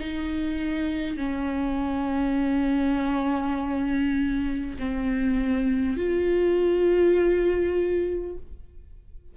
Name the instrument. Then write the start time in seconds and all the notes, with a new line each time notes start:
viola
0.00 D#4
1.17 C#4
4.79 C4
5.97 F4